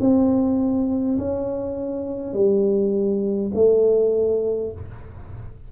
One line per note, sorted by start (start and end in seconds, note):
0.00 1.18 C4
1.18 2.34 C#4
2.34 3.51 G3
3.55 4.72 A3